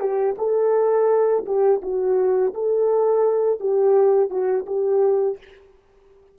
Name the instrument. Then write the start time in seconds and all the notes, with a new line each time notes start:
horn
0.00 G4
0.38 A4
1.45 G4
1.82 F#4
2.54 A4
3.60 G4
4.30 F#4
4.67 G4